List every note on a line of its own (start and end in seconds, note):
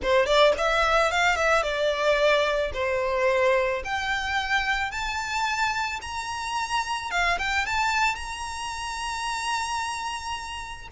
0.02 0.26 C5
0.26 0.53 D5
0.57 1.11 E5
1.11 1.35 F5
1.35 1.62 E5
1.62 2.71 D5
2.73 3.82 C5
3.84 4.91 G5
4.91 6.00 A5
6.01 7.10 A#5
7.10 7.38 F5
7.38 7.65 G5
7.66 8.15 A5
8.15 10.88 A#5